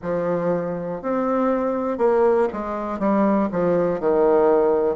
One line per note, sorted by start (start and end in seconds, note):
0.01 1.01 F3
1.02 1.97 C4
1.97 2.47 A#3
2.53 2.99 G#3
2.99 3.49 G3
3.51 4.00 F3
4.00 4.95 D#3